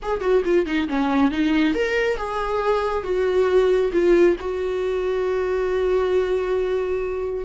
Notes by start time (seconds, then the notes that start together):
0.02 G#4
0.21 F#4
0.45 F4
0.66 D#4
0.88 C#4
1.31 D#4
1.74 A#4
2.17 G#4
3.03 F#4
3.92 F4
4.40 F#4